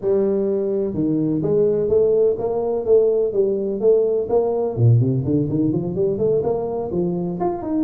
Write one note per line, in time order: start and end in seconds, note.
0.01 0.94 G3
0.94 1.41 D#3
1.42 1.88 G#3
1.88 2.36 A3
2.38 2.85 A#3
2.85 3.32 A3
3.32 3.80 G3
3.80 4.28 A3
4.29 4.76 A#3
4.76 5.00 A#2
5.00 5.24 C3
5.24 5.48 D3
5.49 5.72 D#3
5.72 5.95 F3
5.95 6.18 G3
6.18 6.42 A3
6.43 6.90 A#3
6.91 7.39 F3
7.40 7.62 F4
7.62 7.84 D#4